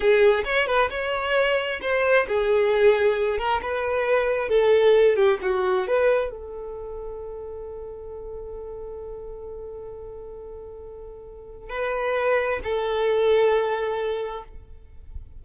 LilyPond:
\new Staff \with { instrumentName = "violin" } { \time 4/4 \tempo 4 = 133 gis'4 cis''8 b'8 cis''2 | c''4 gis'2~ gis'8 ais'8 | b'2 a'4. g'8 | fis'4 b'4 a'2~ |
a'1~ | a'1~ | a'2 b'2 | a'1 | }